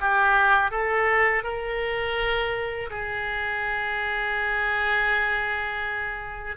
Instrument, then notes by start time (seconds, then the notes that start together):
oboe
0.00 G4
0.71 A4
1.43 A#4
2.90 G#4